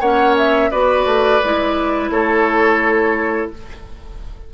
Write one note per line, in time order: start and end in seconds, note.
0.00 0.70 A#3
0.00 0.71 C#4
0.00 0.70 C#5
0.00 0.35 F#5
0.37 0.71 E5
0.71 1.05 B3
0.71 1.41 F#4
0.71 2.10 B4
0.71 2.10 D5
1.05 1.40 A3
1.43 2.10 G#3
1.43 3.53 E4
2.10 3.49 A3
2.10 3.51 A4
2.10 3.50 C#5